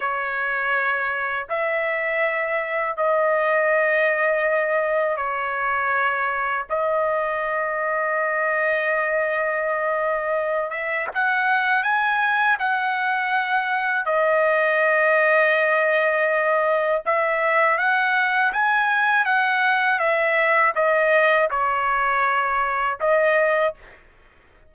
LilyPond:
\new Staff \with { instrumentName = "trumpet" } { \time 4/4 \tempo 4 = 81 cis''2 e''2 | dis''2. cis''4~ | cis''4 dis''2.~ | dis''2~ dis''8 e''8 fis''4 |
gis''4 fis''2 dis''4~ | dis''2. e''4 | fis''4 gis''4 fis''4 e''4 | dis''4 cis''2 dis''4 | }